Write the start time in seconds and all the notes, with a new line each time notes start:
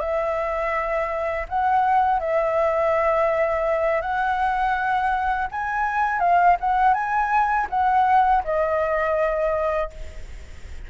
0.00 E5
1.49 F#5
2.20 E5
4.01 F#5
5.51 G#5
6.20 F5
6.60 F#5
6.94 G#5
7.70 F#5
8.44 D#5